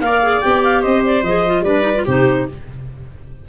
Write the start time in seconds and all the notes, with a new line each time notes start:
0.00 A#3 A#4 D5 F5
0.23 G#4
0.41 B3 G4 G5
0.64 F5
0.82 C4 C5 D#5
1.06 D5
1.23 F3 G#4 D#5
1.47 F4
1.61 G3 D4 B4 D5
1.82 D#4
1.96 F4
2.04 C3 D#4 G4 C5